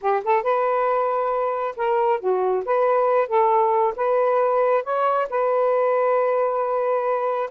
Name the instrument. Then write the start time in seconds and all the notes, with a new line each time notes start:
saxophone
0.01 G4
0.24 A4
0.42 B4
1.76 A#4
2.20 F#4
2.65 B4
3.28 A4
3.96 B4
4.83 C#5
5.29 B4